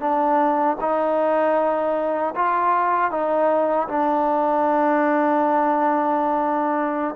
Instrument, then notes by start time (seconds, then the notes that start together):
trombone
0.00 D4
0.80 D#4
2.35 F4
3.10 D#4
3.88 D4